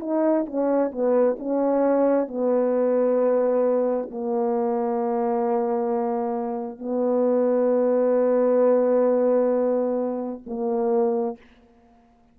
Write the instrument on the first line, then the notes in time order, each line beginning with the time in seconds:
horn
0.00 D#4
0.45 C#4
0.91 B3
1.38 C#4
2.27 B3
4.11 A#3
6.79 B3
10.46 A#3